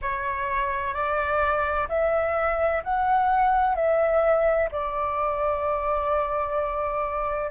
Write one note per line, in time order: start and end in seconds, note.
0.01 0.94 C#5
0.94 1.87 D5
1.88 2.82 E5
2.83 3.75 F#5
3.75 4.69 E5
4.71 7.50 D5